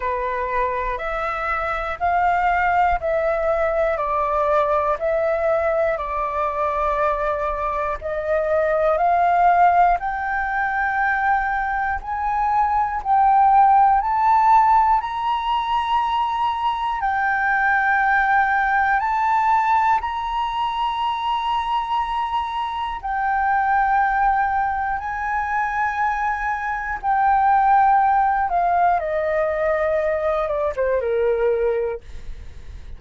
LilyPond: \new Staff \with { instrumentName = "flute" } { \time 4/4 \tempo 4 = 60 b'4 e''4 f''4 e''4 | d''4 e''4 d''2 | dis''4 f''4 g''2 | gis''4 g''4 a''4 ais''4~ |
ais''4 g''2 a''4 | ais''2. g''4~ | g''4 gis''2 g''4~ | g''8 f''8 dis''4. d''16 c''16 ais'4 | }